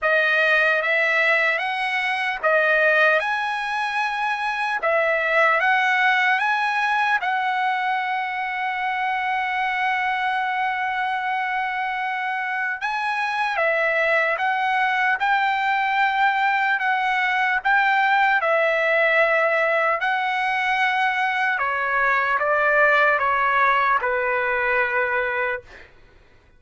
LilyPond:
\new Staff \with { instrumentName = "trumpet" } { \time 4/4 \tempo 4 = 75 dis''4 e''4 fis''4 dis''4 | gis''2 e''4 fis''4 | gis''4 fis''2.~ | fis''1 |
gis''4 e''4 fis''4 g''4~ | g''4 fis''4 g''4 e''4~ | e''4 fis''2 cis''4 | d''4 cis''4 b'2 | }